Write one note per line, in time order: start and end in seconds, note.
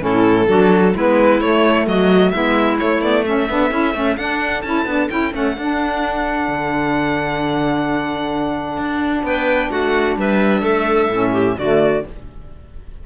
0.00 0.48 A2
0.00 0.46 C#4
0.00 0.48 E4
0.00 0.95 A4
0.47 0.94 F#3
0.47 0.93 D4
0.47 0.94 F#4
0.94 1.40 G#3
0.94 1.41 B3
0.94 1.87 E4
0.94 1.40 B4
1.40 1.86 A3
1.40 2.33 A3
1.40 1.86 C#5
1.86 2.32 F#3
1.86 2.33 F#4
1.86 2.30 D#5
2.30 2.79 G#3
2.30 2.78 B3
2.30 3.24 E4
2.30 2.76 E5
2.78 3.01 A3
2.78 3.49 A3
2.78 3.01 C#5
3.01 3.25 B3
3.01 3.24 D5
3.24 3.49 C#4
3.24 9.24 A4
3.24 4.17 E5
3.49 3.71 B3
3.49 3.71 D4
3.71 3.94 C#4
3.71 3.94 E4
3.94 4.17 A3
3.94 4.17 C#4
4.17 4.63 D4
4.17 4.65 D4
4.17 4.62 F#5
4.62 4.85 C#4
4.62 4.87 E4
4.62 5.08 A5
4.85 5.08 B3
4.85 5.10 D4
5.10 5.34 C#4
5.10 5.32 E4
5.10 5.33 G5
5.32 5.57 A3
5.32 5.55 C#4
5.32 9.25 F#5
5.57 6.48 D4
5.57 11.12 D4
6.48 8.77 D3
8.77 9.23 D4
9.23 9.69 B3
9.23 9.70 B4
9.23 9.71 G5
9.70 10.16 A3
9.70 10.16 F#4
9.70 10.17 F#5
10.16 10.62 G3
10.16 10.61 B4
10.16 11.58 E5
10.61 11.08 A3
10.61 11.31 A4
11.10 11.56 A2
11.10 11.58 C#4
11.32 11.56 G4
11.57 12.03 D3
11.57 12.06 A3
11.57 12.03 F#4
11.57 12.04 D5